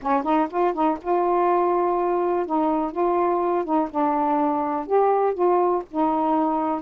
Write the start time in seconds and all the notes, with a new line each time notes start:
0.02 C#4
0.23 D#4
0.50 F4
0.73 D#4
1.01 F4
2.46 D#4
2.91 F4
3.64 D#4
3.90 D4
4.86 G4
5.33 F4
5.90 D#4